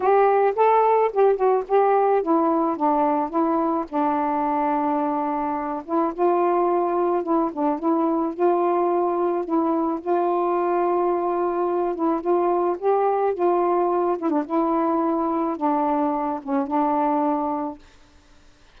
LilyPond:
\new Staff \with { instrumentName = "saxophone" } { \time 4/4 \tempo 4 = 108 g'4 a'4 g'8 fis'8 g'4 | e'4 d'4 e'4 d'4~ | d'2~ d'8 e'8 f'4~ | f'4 e'8 d'8 e'4 f'4~ |
f'4 e'4 f'2~ | f'4. e'8 f'4 g'4 | f'4. e'16 d'16 e'2 | d'4. cis'8 d'2 | }